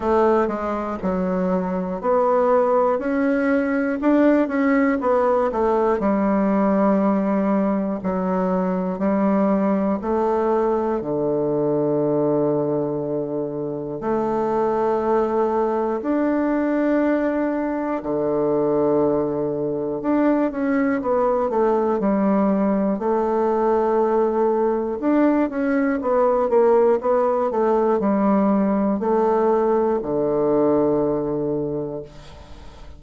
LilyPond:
\new Staff \with { instrumentName = "bassoon" } { \time 4/4 \tempo 4 = 60 a8 gis8 fis4 b4 cis'4 | d'8 cis'8 b8 a8 g2 | fis4 g4 a4 d4~ | d2 a2 |
d'2 d2 | d'8 cis'8 b8 a8 g4 a4~ | a4 d'8 cis'8 b8 ais8 b8 a8 | g4 a4 d2 | }